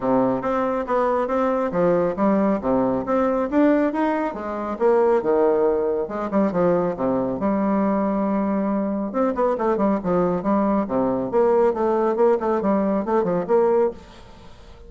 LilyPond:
\new Staff \with { instrumentName = "bassoon" } { \time 4/4 \tempo 4 = 138 c4 c'4 b4 c'4 | f4 g4 c4 c'4 | d'4 dis'4 gis4 ais4 | dis2 gis8 g8 f4 |
c4 g2.~ | g4 c'8 b8 a8 g8 f4 | g4 c4 ais4 a4 | ais8 a8 g4 a8 f8 ais4 | }